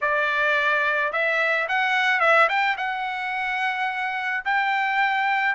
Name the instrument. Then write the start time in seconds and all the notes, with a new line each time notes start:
trumpet
0.01 D5
1.12 E5
1.68 F#5
2.20 E5
2.48 G5
2.77 F#5
4.44 G5